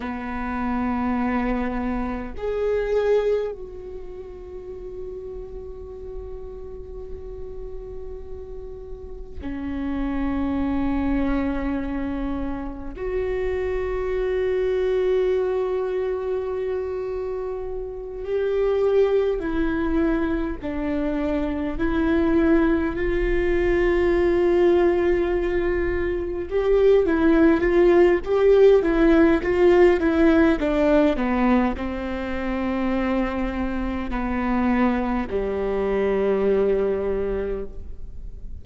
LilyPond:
\new Staff \with { instrumentName = "viola" } { \time 4/4 \tempo 4 = 51 b2 gis'4 fis'4~ | fis'1 | cis'2. fis'4~ | fis'2.~ fis'8 g'8~ |
g'8 e'4 d'4 e'4 f'8~ | f'2~ f'8 g'8 e'8 f'8 | g'8 e'8 f'8 e'8 d'8 b8 c'4~ | c'4 b4 g2 | }